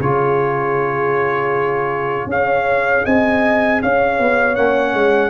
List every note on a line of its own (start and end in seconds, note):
0.00 2.26 C#3
0.00 2.29 F4
0.00 2.29 G#4
0.00 2.29 C#5
2.26 3.02 C#4
2.26 4.56 G#4
2.26 3.05 C#5
2.26 3.05 F5
3.05 3.82 C4
3.05 3.81 D#5
3.05 3.81 G#5
3.82 4.19 C#4
3.82 5.30 C#5
3.82 4.56 F5
4.19 4.57 B3
4.56 4.94 A#3
4.56 5.30 C#4
4.56 5.30 F#5
4.94 5.30 G#3